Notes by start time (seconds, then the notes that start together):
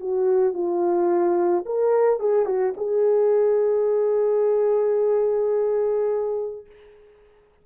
0.00 F#4
0.54 F4
1.66 A#4
2.20 G#4
2.46 F#4
2.77 G#4